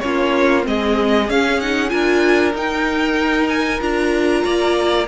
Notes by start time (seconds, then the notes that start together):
0.00 A#3 C#4 F4 C#5
0.63 G#3 C4 D#5
0.70 G#4
1.29 C#4 F5
1.60 D#4 F#5
1.89 D4 F4 A#4 G#5
2.54 D#4 G5
3.49 G#5
3.81 D4 F4 A#5
4.44 A#3 D5